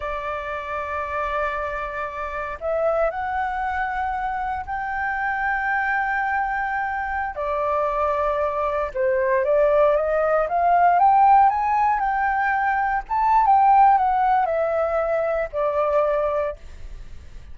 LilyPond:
\new Staff \with { instrumentName = "flute" } { \time 4/4 \tempo 4 = 116 d''1~ | d''4 e''4 fis''2~ | fis''4 g''2.~ | g''2~ g''16 d''4.~ d''16~ |
d''4~ d''16 c''4 d''4 dis''8.~ | dis''16 f''4 g''4 gis''4 g''8.~ | g''4~ g''16 a''8. g''4 fis''4 | e''2 d''2 | }